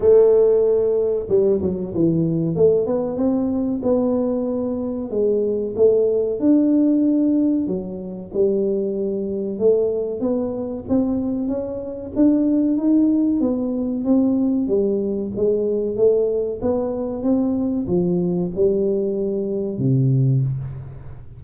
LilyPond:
\new Staff \with { instrumentName = "tuba" } { \time 4/4 \tempo 4 = 94 a2 g8 fis8 e4 | a8 b8 c'4 b2 | gis4 a4 d'2 | fis4 g2 a4 |
b4 c'4 cis'4 d'4 | dis'4 b4 c'4 g4 | gis4 a4 b4 c'4 | f4 g2 c4 | }